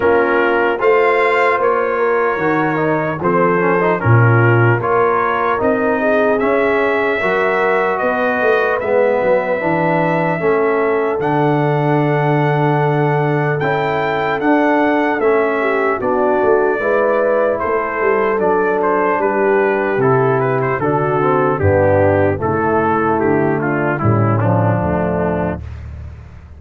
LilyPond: <<
  \new Staff \with { instrumentName = "trumpet" } { \time 4/4 \tempo 4 = 75 ais'4 f''4 cis''2 | c''4 ais'4 cis''4 dis''4 | e''2 dis''4 e''4~ | e''2 fis''2~ |
fis''4 g''4 fis''4 e''4 | d''2 c''4 d''8 c''8 | b'4 a'8 b'16 c''16 a'4 g'4 | a'4 g'8 f'8 e'8 d'4. | }
  \new Staff \with { instrumentName = "horn" } { \time 4/4 f'4 c''4. ais'4. | a'4 f'4 ais'4. gis'8~ | gis'4 ais'4 b'2~ | b'4 a'2.~ |
a'2.~ a'8 g'8 | fis'4 b'4 a'2 | g'2 fis'4 d'4 | e'4. d'8 cis'4 a4 | }
  \new Staff \with { instrumentName = "trombone" } { \time 4/4 cis'4 f'2 fis'8 dis'8 | c'8 cis'16 dis'16 cis'4 f'4 dis'4 | cis'4 fis'2 b4 | d'4 cis'4 d'2~ |
d'4 e'4 d'4 cis'4 | d'4 e'2 d'4~ | d'4 e'4 d'8 c'8 b4 | a2 g8 f4. | }
  \new Staff \with { instrumentName = "tuba" } { \time 4/4 ais4 a4 ais4 dis4 | f4 ais,4 ais4 c'4 | cis'4 fis4 b8 a8 gis8 fis8 | e4 a4 d2~ |
d4 cis'4 d'4 a4 | b8 a8 gis4 a8 g8 fis4 | g4 c4 d4 g,4 | cis4 d4 a,4 d,4 | }
>>